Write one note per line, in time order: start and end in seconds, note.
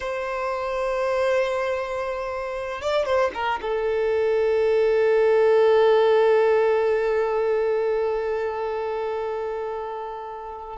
0.00 2.81 C5
2.81 3.05 D5
3.05 3.31 C5
3.34 3.59 A#4
3.61 10.77 A4